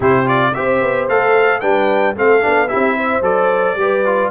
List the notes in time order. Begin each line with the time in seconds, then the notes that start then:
0.00 C3 E4 G4 C5
0.25 F4 D5
0.54 C4 G4 C5 E5
0.82 B3
1.08 A3 A4 F5
1.60 G3 D4 B4 G5
2.16 A3 C4 A4 F5
2.41 B3 D4
2.68 E4 G4 E5
2.74 C4
2.96 C5
3.21 F#3 A4 D5
3.75 G3 G4 B4
4.05 F4